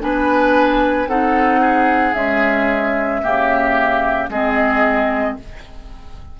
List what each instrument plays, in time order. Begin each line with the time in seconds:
0.00 bassoon B3, clarinet D4, oboe B4, flute G#5
1.07 bassoon C4, clarinet D#4, oboe A4, flute F#5
1.60 oboe G#4
2.14 clarinet G#3, bassoon C#4, flute E5
3.23 bassoon C#3, clarinet A#3, oboe G4
4.29 bassoon G#3, clarinet C4, oboe G#4, flute D#5